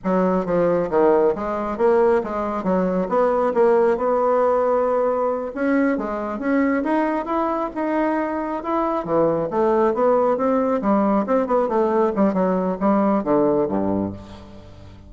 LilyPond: \new Staff \with { instrumentName = "bassoon" } { \time 4/4 \tempo 4 = 136 fis4 f4 dis4 gis4 | ais4 gis4 fis4 b4 | ais4 b2.~ | b8 cis'4 gis4 cis'4 dis'8~ |
dis'8 e'4 dis'2 e'8~ | e'8 e4 a4 b4 c'8~ | c'8 g4 c'8 b8 a4 g8 | fis4 g4 d4 g,4 | }